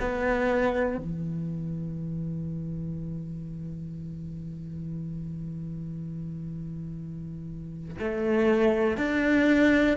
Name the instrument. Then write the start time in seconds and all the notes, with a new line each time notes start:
cello
0.00 B3
0.98 E3
8.00 A3
8.98 D4